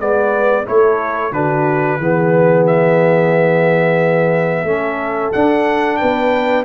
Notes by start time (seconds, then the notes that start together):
0.00 G#3 B3 B4 D5
0.65 A3 E4 A4 C#5
1.32 D3 D4 F#4 B4
1.99 E3 B3 G#4
2.67 E5
4.64 A3 C#4 A4
5.33 D4 F#5
5.97 B3 B4 G5